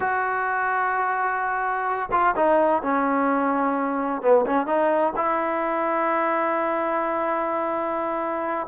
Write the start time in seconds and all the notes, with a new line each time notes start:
0.00 F#4
2.11 F4
2.35 D#4
2.82 C#4
4.21 B3
4.46 C#4
4.66 D#4
5.15 E4